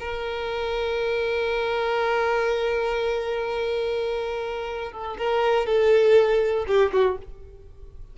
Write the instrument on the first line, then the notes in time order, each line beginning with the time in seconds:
violin
0.00 A#4
4.93 A4
5.18 A#4
5.67 A4
6.68 G4
6.93 F#4